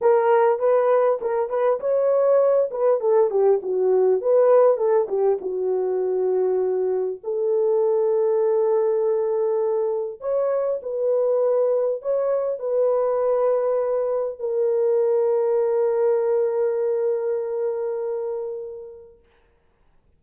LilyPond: \new Staff \with { instrumentName = "horn" } { \time 4/4 \tempo 4 = 100 ais'4 b'4 ais'8 b'8 cis''4~ | cis''8 b'8 a'8 g'8 fis'4 b'4 | a'8 g'8 fis'2. | a'1~ |
a'4 cis''4 b'2 | cis''4 b'2. | ais'1~ | ais'1 | }